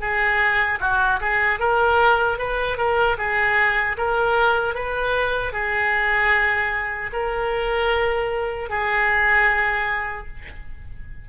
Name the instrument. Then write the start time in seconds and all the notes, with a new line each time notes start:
oboe
0.00 G#4
0.80 F#4
1.21 G#4
1.59 A#4
2.38 B4
2.78 A#4
3.18 G#4
3.97 A#4
4.74 B4
5.53 G#4
7.13 A#4
8.69 G#4